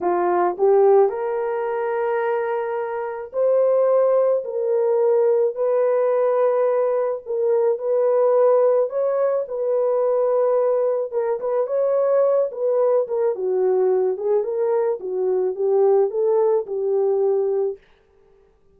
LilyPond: \new Staff \with { instrumentName = "horn" } { \time 4/4 \tempo 4 = 108 f'4 g'4 ais'2~ | ais'2 c''2 | ais'2 b'2~ | b'4 ais'4 b'2 |
cis''4 b'2. | ais'8 b'8 cis''4. b'4 ais'8 | fis'4. gis'8 ais'4 fis'4 | g'4 a'4 g'2 | }